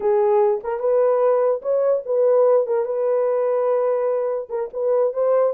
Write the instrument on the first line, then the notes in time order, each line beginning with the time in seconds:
horn
0.00 G#4
0.63 A#4
0.79 B4
1.62 C#5
2.05 B4
2.67 A#4
2.85 B4
4.49 A#4
4.73 B4
5.13 C5